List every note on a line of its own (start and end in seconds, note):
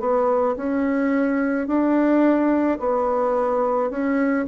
0.00 0.56 B3
0.57 1.67 C#4
1.67 2.78 D4
2.79 3.90 B3
3.90 4.46 C#4